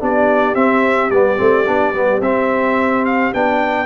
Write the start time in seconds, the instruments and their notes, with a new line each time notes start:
0.00 tuba B3, trombone D4, horn G4, trumpet D5
0.55 tuba C4, trombone C4, trumpet E5
1.10 tuba G3, trombone B3, trumpet D5
1.37 tuba A3, trombone C4
1.67 tuba B3, trombone D4
1.94 tuba G3, trombone B3
2.21 tuba C4, trombone C4, trumpet E5
3.05 trumpet F5
3.34 tuba B3, trombone D4, trumpet G5